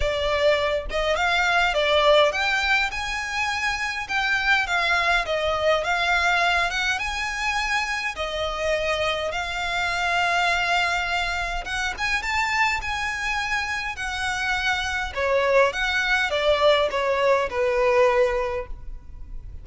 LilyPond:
\new Staff \with { instrumentName = "violin" } { \time 4/4 \tempo 4 = 103 d''4. dis''8 f''4 d''4 | g''4 gis''2 g''4 | f''4 dis''4 f''4. fis''8 | gis''2 dis''2 |
f''1 | fis''8 gis''8 a''4 gis''2 | fis''2 cis''4 fis''4 | d''4 cis''4 b'2 | }